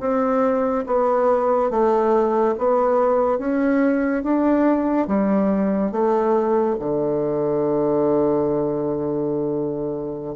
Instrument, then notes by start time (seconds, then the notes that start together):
bassoon
0.00 C4
0.86 B3
1.70 A3
2.58 B3
3.38 C#4
4.23 D4
5.07 G3
5.91 A3
6.79 D3